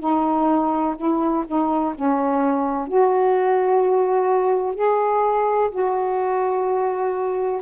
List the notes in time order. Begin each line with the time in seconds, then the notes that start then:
0.00 D#4
0.97 E4
1.47 D#4
1.95 C#4
2.88 F#4
4.75 G#4
5.71 F#4